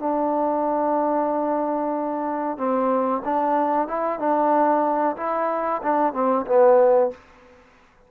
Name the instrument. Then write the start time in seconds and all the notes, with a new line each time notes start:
trombone
0.00 D4
2.58 C4
3.26 D4
3.88 E4
4.20 D4
5.18 E4
5.83 D4
6.14 C4
6.47 B3